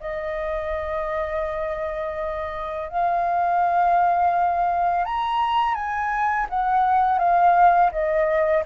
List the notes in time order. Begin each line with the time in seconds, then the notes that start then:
0.00 D#5
2.89 F5
5.05 A#5
5.74 G#5
6.49 F#5
7.18 F5
7.92 D#5